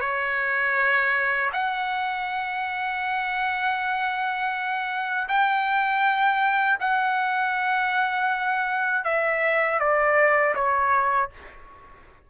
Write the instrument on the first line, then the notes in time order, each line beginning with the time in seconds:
trumpet
0.00 C#5
1.53 F#5
5.28 G5
6.80 F#5
9.04 E5
9.79 D5
10.54 C#5